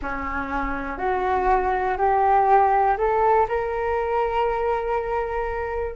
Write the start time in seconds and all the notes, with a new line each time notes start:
0.02 C#4
0.98 F#4
1.97 G4
2.97 A4
3.48 A#4